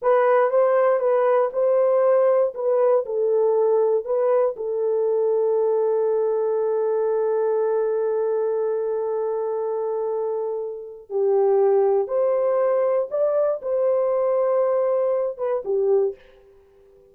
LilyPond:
\new Staff \with { instrumentName = "horn" } { \time 4/4 \tempo 4 = 119 b'4 c''4 b'4 c''4~ | c''4 b'4 a'2 | b'4 a'2.~ | a'1~ |
a'1~ | a'2 g'2 | c''2 d''4 c''4~ | c''2~ c''8 b'8 g'4 | }